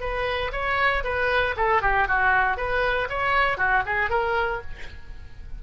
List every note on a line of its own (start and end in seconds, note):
0.00 0.51 B4
0.52 1.03 C#5
1.04 1.55 B4
1.57 1.82 A4
1.82 2.07 G4
2.08 2.57 F#4
2.57 3.08 B4
3.09 3.57 C#5
3.57 3.83 F#4
3.86 4.10 G#4
4.10 4.61 A#4